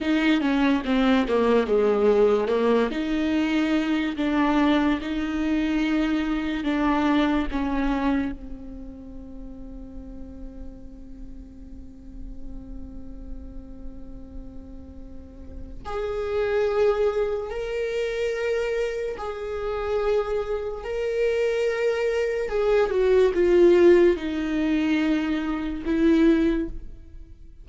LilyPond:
\new Staff \with { instrumentName = "viola" } { \time 4/4 \tempo 4 = 72 dis'8 cis'8 c'8 ais8 gis4 ais8 dis'8~ | dis'4 d'4 dis'2 | d'4 cis'4 c'2~ | c'1~ |
c'2. gis'4~ | gis'4 ais'2 gis'4~ | gis'4 ais'2 gis'8 fis'8 | f'4 dis'2 e'4 | }